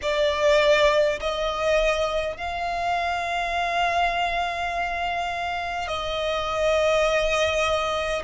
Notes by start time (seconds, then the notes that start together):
0.02 D5
1.20 D#5
2.36 F5
5.87 D#5